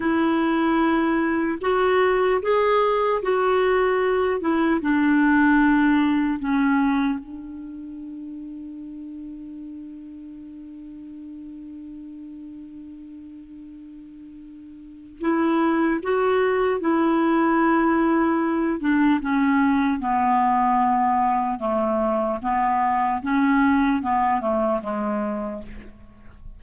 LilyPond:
\new Staff \with { instrumentName = "clarinet" } { \time 4/4 \tempo 4 = 75 e'2 fis'4 gis'4 | fis'4. e'8 d'2 | cis'4 d'2.~ | d'1~ |
d'2. e'4 | fis'4 e'2~ e'8 d'8 | cis'4 b2 a4 | b4 cis'4 b8 a8 gis4 | }